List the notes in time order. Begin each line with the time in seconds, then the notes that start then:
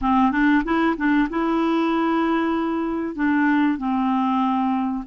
0.01 C4
0.31 D4
0.64 E4
0.96 D4
1.29 E4
3.15 D4
3.78 C4